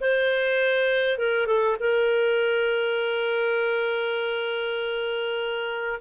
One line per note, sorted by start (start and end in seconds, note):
0.00 1.18 C5
1.18 1.46 A#4
1.46 1.76 A4
1.79 5.99 A#4